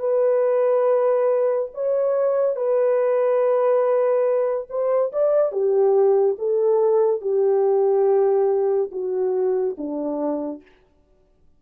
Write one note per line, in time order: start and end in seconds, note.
0.00 1.69 B4
1.74 2.56 C#5
2.56 4.67 B4
4.70 5.12 C5
5.12 5.52 D5
5.52 6.37 G4
6.39 7.22 A4
7.22 8.91 G4
8.92 9.76 F#4
9.78 10.62 D4